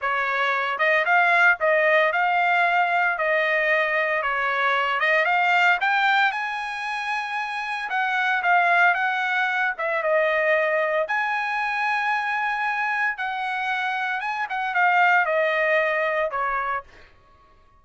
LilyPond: \new Staff \with { instrumentName = "trumpet" } { \time 4/4 \tempo 4 = 114 cis''4. dis''8 f''4 dis''4 | f''2 dis''2 | cis''4. dis''8 f''4 g''4 | gis''2. fis''4 |
f''4 fis''4. e''8 dis''4~ | dis''4 gis''2.~ | gis''4 fis''2 gis''8 fis''8 | f''4 dis''2 cis''4 | }